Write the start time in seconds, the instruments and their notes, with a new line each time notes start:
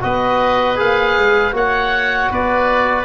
0.00 tuba B3, trombone F#4, oboe B4 D#5
0.75 tuba A#3, trombone G#4, oboe F5
1.17 tuba G#3
1.52 tuba A#3, trombone F#4, oboe C#5 F#5
2.30 tuba B3, oboe B4 D5